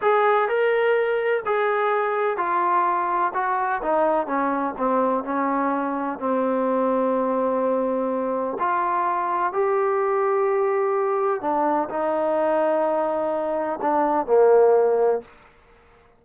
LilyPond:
\new Staff \with { instrumentName = "trombone" } { \time 4/4 \tempo 4 = 126 gis'4 ais'2 gis'4~ | gis'4 f'2 fis'4 | dis'4 cis'4 c'4 cis'4~ | cis'4 c'2.~ |
c'2 f'2 | g'1 | d'4 dis'2.~ | dis'4 d'4 ais2 | }